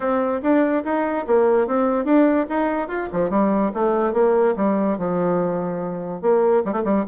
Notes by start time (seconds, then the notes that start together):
0.00 C4
0.42 D4
0.84 D#4
1.26 A#3
1.67 C4
2.04 D4
2.49 D#4
2.87 F4
3.12 F3
3.30 G3
3.74 A3
4.13 A#3
4.56 G3
4.98 F3
6.21 A#3
6.65 G3
6.72 A3
6.84 G3